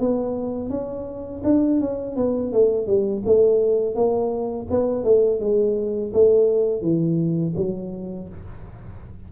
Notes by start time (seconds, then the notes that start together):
0.00 B3
0.70 C#4
1.45 D4
1.81 C#4
2.17 B3
2.53 A3
2.87 G3
3.26 A3
3.95 A#3
4.71 B3
5.05 A3
5.41 G#3
6.14 A3
6.82 E3
7.56 F#3